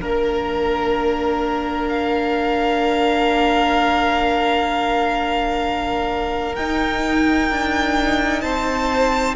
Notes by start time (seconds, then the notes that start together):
0.00 A#3 D4 A#4
1.88 F5
6.55 D#4 G5
7.50 D4
8.41 C4 C5 A5